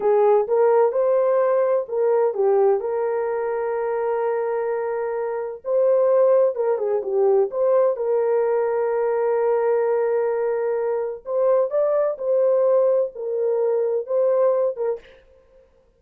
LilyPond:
\new Staff \with { instrumentName = "horn" } { \time 4/4 \tempo 4 = 128 gis'4 ais'4 c''2 | ais'4 g'4 ais'2~ | ais'1 | c''2 ais'8 gis'8 g'4 |
c''4 ais'2.~ | ais'1 | c''4 d''4 c''2 | ais'2 c''4. ais'8 | }